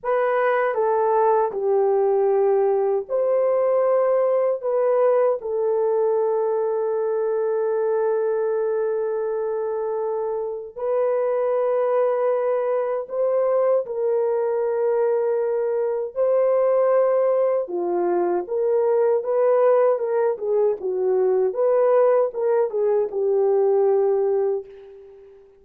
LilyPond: \new Staff \with { instrumentName = "horn" } { \time 4/4 \tempo 4 = 78 b'4 a'4 g'2 | c''2 b'4 a'4~ | a'1~ | a'2 b'2~ |
b'4 c''4 ais'2~ | ais'4 c''2 f'4 | ais'4 b'4 ais'8 gis'8 fis'4 | b'4 ais'8 gis'8 g'2 | }